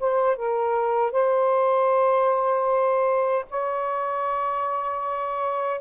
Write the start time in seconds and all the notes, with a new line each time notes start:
0.00 C5
0.36 A#4
1.12 C5
3.50 C#5